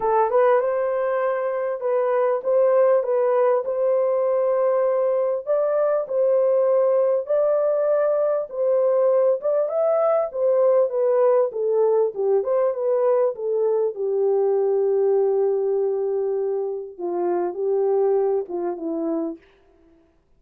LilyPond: \new Staff \with { instrumentName = "horn" } { \time 4/4 \tempo 4 = 99 a'8 b'8 c''2 b'4 | c''4 b'4 c''2~ | c''4 d''4 c''2 | d''2 c''4. d''8 |
e''4 c''4 b'4 a'4 | g'8 c''8 b'4 a'4 g'4~ | g'1 | f'4 g'4. f'8 e'4 | }